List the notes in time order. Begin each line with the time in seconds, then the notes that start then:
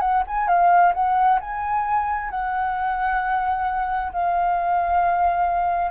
0.00 F#5
0.27 G#5
0.47 F5
0.93 F#5
1.40 G#5
2.30 F#5
4.12 F5